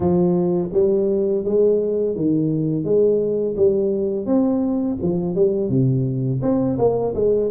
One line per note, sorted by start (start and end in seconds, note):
0.00 0.69 F3
0.72 1.44 G3
1.44 2.15 G#3
2.15 2.84 D#3
2.84 3.55 G#3
3.56 4.25 G3
4.25 4.97 C4
5.02 5.35 F3
5.35 5.69 G3
5.69 6.41 C3
6.42 6.77 C4
6.78 7.14 A#3
7.15 7.50 G#3